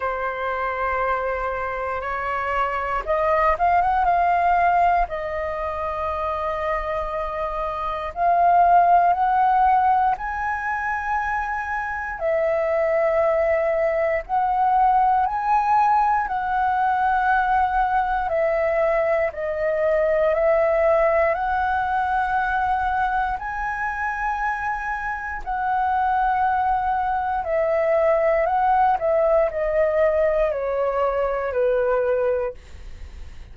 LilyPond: \new Staff \with { instrumentName = "flute" } { \time 4/4 \tempo 4 = 59 c''2 cis''4 dis''8 f''16 fis''16 | f''4 dis''2. | f''4 fis''4 gis''2 | e''2 fis''4 gis''4 |
fis''2 e''4 dis''4 | e''4 fis''2 gis''4~ | gis''4 fis''2 e''4 | fis''8 e''8 dis''4 cis''4 b'4 | }